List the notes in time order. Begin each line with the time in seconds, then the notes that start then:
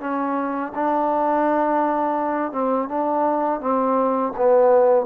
0.00 C#4
0.75 D4
2.52 C4
2.88 D4
3.60 C4
4.37 B3